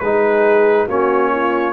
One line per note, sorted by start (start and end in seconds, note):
0.00 0.88 G#3
0.00 0.89 D#4
0.00 0.87 G#4
0.00 0.87 B4
0.87 1.73 A#3
0.87 1.73 C#4
0.87 1.31 F#4
0.87 1.73 C#5
1.32 1.73 F4